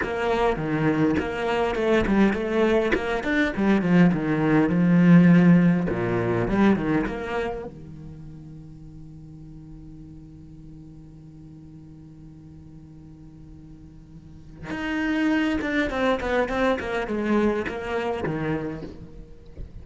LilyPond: \new Staff \with { instrumentName = "cello" } { \time 4/4 \tempo 4 = 102 ais4 dis4 ais4 a8 g8 | a4 ais8 d'8 g8 f8 dis4 | f2 ais,4 g8 dis8 | ais4 dis2.~ |
dis1~ | dis1~ | dis4 dis'4. d'8 c'8 b8 | c'8 ais8 gis4 ais4 dis4 | }